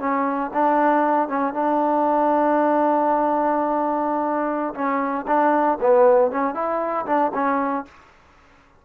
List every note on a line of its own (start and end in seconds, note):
0.00 0.51 C#4
0.54 1.28 D4
1.28 1.54 C#4
1.54 4.74 D4
4.75 5.26 C#4
5.28 5.79 D4
5.81 6.31 B3
6.31 6.55 C#4
6.55 7.06 E4
7.06 7.32 D4
7.34 7.86 C#4